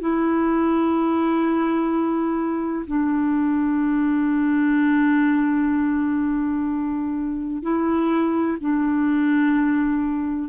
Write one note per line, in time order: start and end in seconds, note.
0.00 2.86 E4
2.87 7.62 D4
7.62 8.58 E4
8.61 10.49 D4